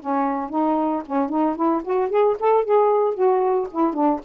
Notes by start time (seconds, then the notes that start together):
0.00 C#4
0.50 D#4
1.06 C#4
1.29 D#4
1.56 E4
1.84 F#4
2.09 G#4
2.40 A4
2.65 G#4
3.14 F#4
3.71 E4
3.94 D4